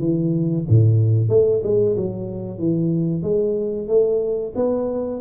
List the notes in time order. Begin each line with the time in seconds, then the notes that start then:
0.00 E3
0.69 A2
1.29 A3
1.64 G#3
1.97 F#3
2.59 E3
3.23 G#3
3.88 A3
4.56 B3